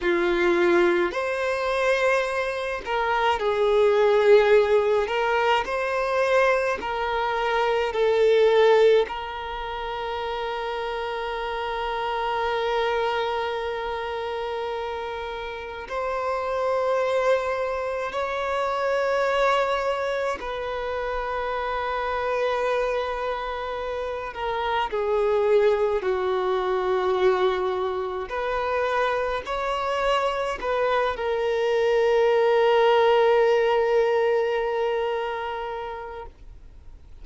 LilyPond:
\new Staff \with { instrumentName = "violin" } { \time 4/4 \tempo 4 = 53 f'4 c''4. ais'8 gis'4~ | gis'8 ais'8 c''4 ais'4 a'4 | ais'1~ | ais'2 c''2 |
cis''2 b'2~ | b'4. ais'8 gis'4 fis'4~ | fis'4 b'4 cis''4 b'8 ais'8~ | ais'1 | }